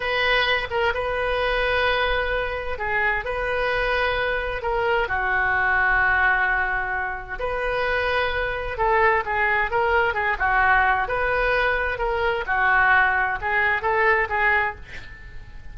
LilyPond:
\new Staff \with { instrumentName = "oboe" } { \time 4/4 \tempo 4 = 130 b'4. ais'8 b'2~ | b'2 gis'4 b'4~ | b'2 ais'4 fis'4~ | fis'1 |
b'2. a'4 | gis'4 ais'4 gis'8 fis'4. | b'2 ais'4 fis'4~ | fis'4 gis'4 a'4 gis'4 | }